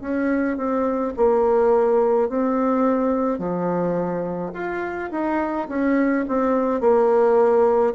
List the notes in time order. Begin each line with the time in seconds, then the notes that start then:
0.00 C#4
0.57 C4
1.16 A#3
2.28 C4
3.39 F3
4.53 F4
5.10 D#4
5.68 C#4
6.28 C4
6.80 A#3